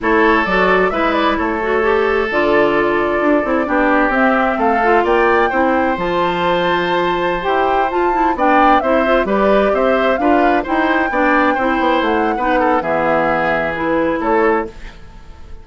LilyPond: <<
  \new Staff \with { instrumentName = "flute" } { \time 4/4 \tempo 4 = 131 cis''4 d''4 e''8 d''8 cis''4~ | cis''4 d''2.~ | d''4 e''4 f''4 g''4~ | g''4 a''2.~ |
a''16 g''4 a''4 g''4 e''8.~ | e''16 d''4 e''4 f''4 g''8.~ | g''2~ g''16 fis''4.~ fis''16 | e''2 b'4 cis''4 | }
  \new Staff \with { instrumentName = "oboe" } { \time 4/4 a'2 b'4 a'4~ | a'1 | g'2 a'4 d''4 | c''1~ |
c''2~ c''16 d''4 c''8.~ | c''16 b'4 c''4 b'4 c''8.~ | c''16 d''4 c''4.~ c''16 b'8 a'8 | gis'2. a'4 | }
  \new Staff \with { instrumentName = "clarinet" } { \time 4/4 e'4 fis'4 e'4. fis'8 | g'4 f'2~ f'8 e'8 | d'4 c'4. f'4. | e'4 f'2.~ |
f'16 g'4 f'8 e'8 d'4 e'8 f'16~ | f'16 g'2 f'4 e'8.~ | e'16 d'4 e'4.~ e'16 dis'4 | b2 e'2 | }
  \new Staff \with { instrumentName = "bassoon" } { \time 4/4 a4 fis4 gis4 a4~ | a4 d2 d'8 c'8 | b4 c'4 a4 ais4 | c'4 f2.~ |
f16 e'4 f'4 b4 c'8.~ | c'16 g4 c'4 d'4 dis'8.~ | dis'16 b4 c'8 b8 a8. b4 | e2. a4 | }
>>